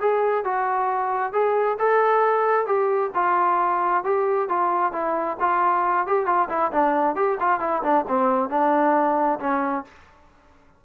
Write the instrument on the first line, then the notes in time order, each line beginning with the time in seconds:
trombone
0.00 G#4
0.44 F#4
1.33 G#4
1.79 A4
2.66 G4
3.14 F4
4.04 G4
4.49 F4
4.92 E4
5.40 F4
6.07 G4
6.26 F4
6.49 E4
6.72 D4
7.15 G4
7.40 F4
7.60 E4
7.83 D4
8.08 C4
8.49 D4
9.39 C#4